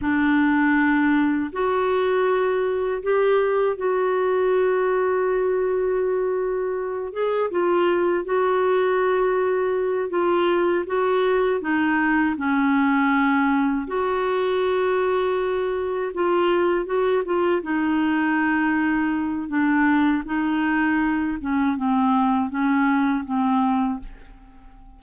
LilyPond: \new Staff \with { instrumentName = "clarinet" } { \time 4/4 \tempo 4 = 80 d'2 fis'2 | g'4 fis'2.~ | fis'4. gis'8 f'4 fis'4~ | fis'4. f'4 fis'4 dis'8~ |
dis'8 cis'2 fis'4.~ | fis'4. f'4 fis'8 f'8 dis'8~ | dis'2 d'4 dis'4~ | dis'8 cis'8 c'4 cis'4 c'4 | }